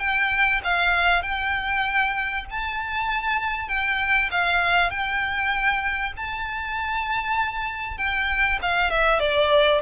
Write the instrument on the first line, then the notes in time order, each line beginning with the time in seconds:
violin
0.00 G5
0.65 F5
1.23 G5
2.50 A5
3.69 G5
4.32 F5
4.91 G5
6.17 A5
7.98 G5
8.62 F5
8.91 E5
9.20 D5